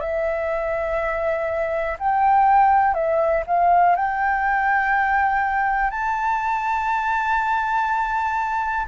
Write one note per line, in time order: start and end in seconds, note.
0.00 1.97 E5
1.99 2.94 G5
2.94 3.43 E5
3.46 3.96 F5
3.96 5.91 G5
5.91 8.86 A5